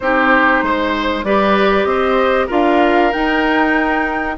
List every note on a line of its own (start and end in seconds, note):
0.00 0.62 C4
0.00 1.25 D#4
0.00 0.64 G4
0.00 1.24 C5
0.62 1.23 G#3
0.62 1.25 C5
1.23 1.84 G3
1.23 2.49 G4
1.23 1.87 B4
1.23 1.84 D5
1.84 2.47 C4
1.84 2.46 C5
1.84 2.46 D#5
2.46 3.13 D4
2.46 3.11 F4
2.46 4.34 A#4
2.46 3.12 F5
3.12 4.37 D#4
3.12 4.37 G5